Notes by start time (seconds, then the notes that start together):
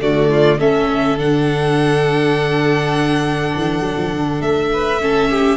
0.00 D3 A3 F#4 D5
0.30 F4
0.59 A3 C#4 A4 E5
1.17 D3 D4 F#5
3.55 E3
3.80 F#3
3.97 F3
4.12 D3
4.40 A3 E5
4.72 B4
5.01 C#4 A4
5.30 G4